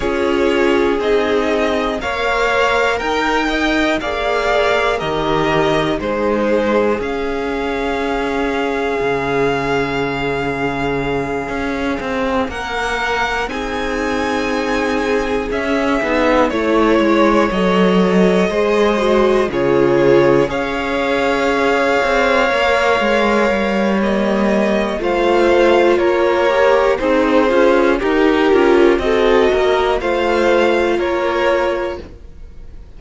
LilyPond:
<<
  \new Staff \with { instrumentName = "violin" } { \time 4/4 \tempo 4 = 60 cis''4 dis''4 f''4 g''4 | f''4 dis''4 c''4 f''4~ | f''1~ | f''8 fis''4 gis''2 e''8~ |
e''8 cis''4 dis''2 cis''8~ | cis''8 f''2.~ f''8 | dis''4 f''4 cis''4 c''4 | ais'4 dis''4 f''4 cis''4 | }
  \new Staff \with { instrumentName = "violin" } { \time 4/4 gis'2 cis''4 ais'8 dis''8 | d''4 ais'4 gis'2~ | gis'1~ | gis'8 ais'4 gis'2~ gis'8~ |
gis'8 cis''2 c''4 gis'8~ | gis'8 cis''2.~ cis''8~ | cis''4 c''4 ais'4 dis'8 f'8 | g'4 a'8 ais'8 c''4 ais'4 | }
  \new Staff \with { instrumentName = "viola" } { \time 4/4 f'4 dis'4 ais'2 | gis'4 g'4 dis'4 cis'4~ | cis'1~ | cis'4. dis'2 cis'8 |
dis'8 e'4 a'4 gis'8 fis'8 f'8~ | f'8 gis'2 ais'4. | ais4 f'4. g'8 gis'4 | dis'8 f'8 fis'4 f'2 | }
  \new Staff \with { instrumentName = "cello" } { \time 4/4 cis'4 c'4 ais4 dis'4 | ais4 dis4 gis4 cis'4~ | cis'4 cis2~ cis8 cis'8 | c'8 ais4 c'2 cis'8 |
b8 a8 gis8 fis4 gis4 cis8~ | cis8 cis'4. c'8 ais8 gis8 g8~ | g4 a4 ais4 c'8 cis'8 | dis'8 cis'8 c'8 ais8 a4 ais4 | }
>>